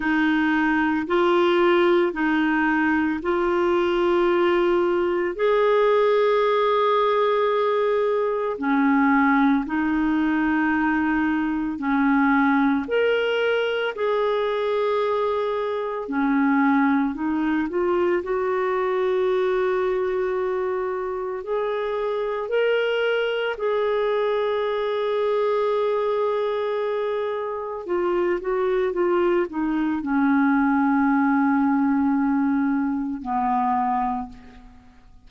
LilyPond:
\new Staff \with { instrumentName = "clarinet" } { \time 4/4 \tempo 4 = 56 dis'4 f'4 dis'4 f'4~ | f'4 gis'2. | cis'4 dis'2 cis'4 | ais'4 gis'2 cis'4 |
dis'8 f'8 fis'2. | gis'4 ais'4 gis'2~ | gis'2 f'8 fis'8 f'8 dis'8 | cis'2. b4 | }